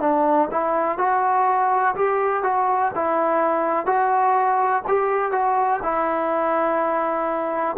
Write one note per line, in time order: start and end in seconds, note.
0.00 0.48 D4
0.51 0.99 E4
0.99 1.95 F#4
1.96 2.43 G4
2.43 2.92 F#4
2.95 3.86 E4
3.86 4.83 F#4
4.88 5.32 G4
5.32 5.80 F#4
5.83 7.77 E4